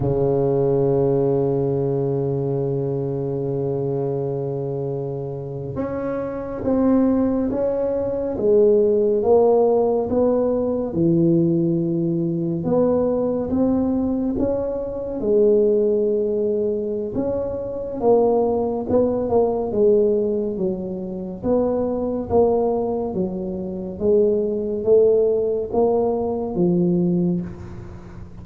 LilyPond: \new Staff \with { instrumentName = "tuba" } { \time 4/4 \tempo 4 = 70 cis1~ | cis2~ cis8. cis'4 c'16~ | c'8. cis'4 gis4 ais4 b16~ | b8. e2 b4 c'16~ |
c'8. cis'4 gis2~ gis16 | cis'4 ais4 b8 ais8 gis4 | fis4 b4 ais4 fis4 | gis4 a4 ais4 f4 | }